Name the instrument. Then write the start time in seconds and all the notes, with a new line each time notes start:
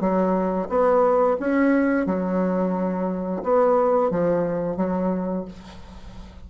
bassoon
0.00 F#3
0.69 B3
1.40 C#4
2.06 F#3
3.43 B3
4.11 F3
4.77 F#3